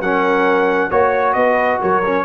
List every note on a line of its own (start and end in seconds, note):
0.00 0.90 F#3
0.00 0.91 C#4
0.00 0.90 A#4
0.00 0.91 F#5
0.90 1.35 A#3
0.90 2.03 F#4
0.90 1.35 C#5
0.90 1.33 C#5
1.33 1.79 B3
1.33 1.81 B4
1.33 1.78 D#5
1.81 2.25 F#3
1.81 2.25 A#4
1.81 2.25 C#5
2.06 2.25 C#4